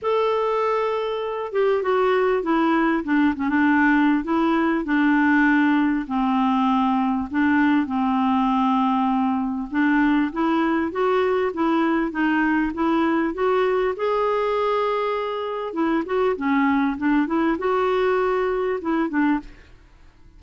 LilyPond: \new Staff \with { instrumentName = "clarinet" } { \time 4/4 \tempo 4 = 99 a'2~ a'8 g'8 fis'4 | e'4 d'8 cis'16 d'4~ d'16 e'4 | d'2 c'2 | d'4 c'2. |
d'4 e'4 fis'4 e'4 | dis'4 e'4 fis'4 gis'4~ | gis'2 e'8 fis'8 cis'4 | d'8 e'8 fis'2 e'8 d'8 | }